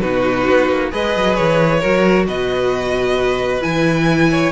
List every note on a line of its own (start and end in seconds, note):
0.00 0.48 B2
0.00 0.91 D#4
0.00 0.92 F#4
0.00 0.90 B4
0.51 0.70 B3
0.70 0.92 A#3
0.91 1.16 G#3
0.91 1.82 G#4
0.91 1.80 B4
0.91 1.36 D#5
1.16 1.39 F#3
1.36 1.84 E3
1.36 2.26 C#5
1.80 2.28 F#3
1.80 3.61 F#4
1.80 2.25 A#4
2.28 3.63 B2
2.28 4.31 B4
2.28 3.63 D#5
3.61 4.53 E3
3.61 4.52 E4
3.61 4.53 G#5
4.31 4.53 C#5